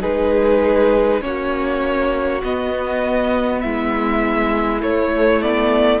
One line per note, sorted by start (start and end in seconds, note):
0.00 1.22 G#3
0.00 1.21 D#4
0.00 1.20 G#4
0.00 1.21 B4
1.21 2.42 A#3
1.21 2.41 C#4
1.21 3.62 F#4
1.21 2.41 C#5
2.42 4.80 B3
2.42 3.63 B3
2.42 3.60 D#5
3.60 4.83 G#3
3.60 6.00 E4
3.60 4.80 E5
4.80 5.40 A3
4.80 6.00 A3
4.80 5.42 C#5
5.42 6.00 B3
5.42 6.00 D5